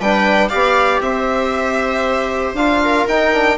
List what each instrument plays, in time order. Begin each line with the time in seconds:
0.00 bassoon G3, trombone D4, viola B4, violin G5
0.49 bassoon B3, trombone G4, viola D5, violin F5
1.00 bassoon C4, viola C5, violin E5
2.54 bassoon D4, trombone F4, violin F5
2.84 viola A#4
3.08 bassoon D#4, trombone D#4, violin G5
3.33 trombone D4